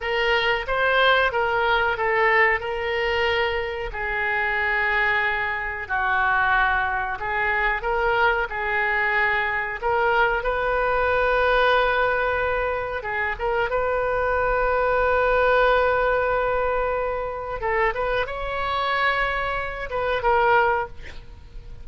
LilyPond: \new Staff \with { instrumentName = "oboe" } { \time 4/4 \tempo 4 = 92 ais'4 c''4 ais'4 a'4 | ais'2 gis'2~ | gis'4 fis'2 gis'4 | ais'4 gis'2 ais'4 |
b'1 | gis'8 ais'8 b'2.~ | b'2. a'8 b'8 | cis''2~ cis''8 b'8 ais'4 | }